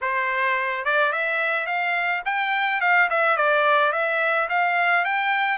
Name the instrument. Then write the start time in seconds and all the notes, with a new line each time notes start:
trumpet
0.01 C5
0.85 D5
1.12 E5
1.66 F5
2.25 G5
2.80 F5
3.10 E5
3.36 D5
3.92 E5
4.49 F5
5.05 G5